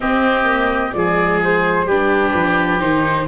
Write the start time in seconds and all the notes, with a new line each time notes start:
0.00 C4 G4 D#5
0.44 A#3
0.92 F3 G#3 G#4 D5
1.43 C5
1.85 G3 D4 G4 B4
2.34 F3
2.79 D#3 D#4 C5